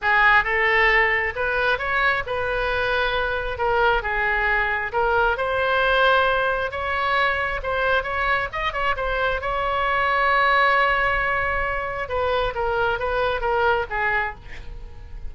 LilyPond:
\new Staff \with { instrumentName = "oboe" } { \time 4/4 \tempo 4 = 134 gis'4 a'2 b'4 | cis''4 b'2. | ais'4 gis'2 ais'4 | c''2. cis''4~ |
cis''4 c''4 cis''4 dis''8 cis''8 | c''4 cis''2.~ | cis''2. b'4 | ais'4 b'4 ais'4 gis'4 | }